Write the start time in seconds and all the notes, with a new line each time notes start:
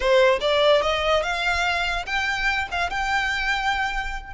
0.00 C5
0.40 D5
0.82 D#5
1.22 F5
2.06 G5
2.71 F5
2.90 G5